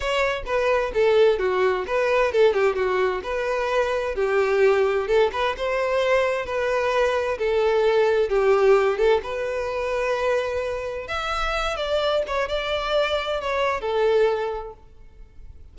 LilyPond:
\new Staff \with { instrumentName = "violin" } { \time 4/4 \tempo 4 = 130 cis''4 b'4 a'4 fis'4 | b'4 a'8 g'8 fis'4 b'4~ | b'4 g'2 a'8 b'8 | c''2 b'2 |
a'2 g'4. a'8 | b'1 | e''4. d''4 cis''8 d''4~ | d''4 cis''4 a'2 | }